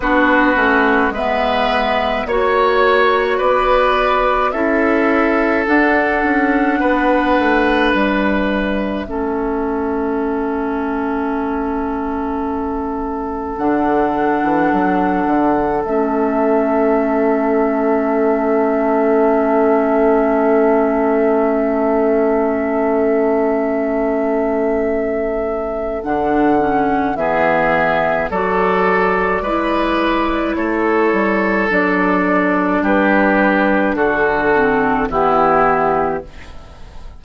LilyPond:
<<
  \new Staff \with { instrumentName = "flute" } { \time 4/4 \tempo 4 = 53 b'4 e''4 cis''4 d''4 | e''4 fis''2 e''4~ | e''1 | fis''2 e''2~ |
e''1~ | e''2. fis''4 | e''4 d''2 cis''4 | d''4 b'4 a'4 g'4 | }
  \new Staff \with { instrumentName = "oboe" } { \time 4/4 fis'4 b'4 cis''4 b'4 | a'2 b'2 | a'1~ | a'1~ |
a'1~ | a'1 | gis'4 a'4 b'4 a'4~ | a'4 g'4 fis'4 e'4 | }
  \new Staff \with { instrumentName = "clarinet" } { \time 4/4 d'8 cis'8 b4 fis'2 | e'4 d'2. | cis'1 | d'2 cis'2~ |
cis'1~ | cis'2. d'8 cis'8 | b4 fis'4 e'2 | d'2~ d'8 c'8 b4 | }
  \new Staff \with { instrumentName = "bassoon" } { \time 4/4 b8 a8 gis4 ais4 b4 | cis'4 d'8 cis'8 b8 a8 g4 | a1 | d8. e16 fis8 d8 a2~ |
a1~ | a2. d4 | e4 fis4 gis4 a8 g8 | fis4 g4 d4 e4 | }
>>